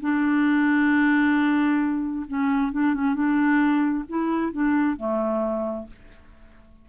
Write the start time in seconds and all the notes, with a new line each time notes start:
0.00 D4
2.27 C#4
2.71 D4
2.94 C#4
3.14 D4
4.08 E4
4.52 D4
4.96 A3